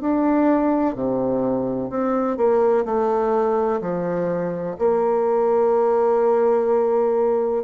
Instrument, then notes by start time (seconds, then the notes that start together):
bassoon
0.00 D4
0.95 C3
1.89 C4
2.37 A#3
2.85 A3
3.81 F3
4.78 A#3